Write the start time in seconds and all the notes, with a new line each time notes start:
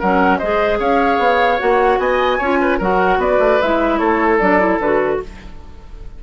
0.00 F#3 C#4 A#4 F#5
0.38 G#3 G#4 C5 D#5
0.79 C#4 C#5 F5
1.19 B3
1.59 A#3 F#4 F#5
1.99 B3 D#5 G#5
2.38 C#4 F4 C#5
2.61 B4
2.78 F#3 F#4 A#4 F#5
3.18 B3 B4 D5
3.39 A3
3.62 G#3 E4 E5
3.98 A3 A4 C#5
4.39 F#3 D4 D5
4.59 E4
4.79 D3 F#4 B4